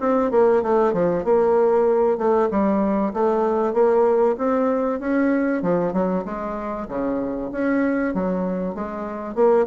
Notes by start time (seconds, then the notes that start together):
0.00 C4
0.31 A#3
0.62 A3
0.93 F3
1.24 A#3
2.18 A3
2.50 G3
3.13 A3
3.73 A#3
4.38 C4
5.00 C#4
5.62 F3
5.93 F#3
6.25 G#3
6.88 C#3
7.51 C#4
8.14 F#3
8.74 G#3
9.35 A#3